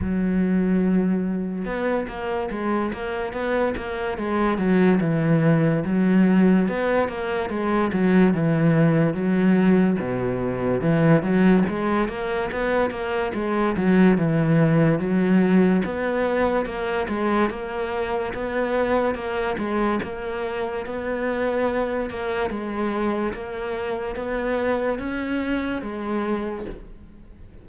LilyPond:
\new Staff \with { instrumentName = "cello" } { \time 4/4 \tempo 4 = 72 fis2 b8 ais8 gis8 ais8 | b8 ais8 gis8 fis8 e4 fis4 | b8 ais8 gis8 fis8 e4 fis4 | b,4 e8 fis8 gis8 ais8 b8 ais8 |
gis8 fis8 e4 fis4 b4 | ais8 gis8 ais4 b4 ais8 gis8 | ais4 b4. ais8 gis4 | ais4 b4 cis'4 gis4 | }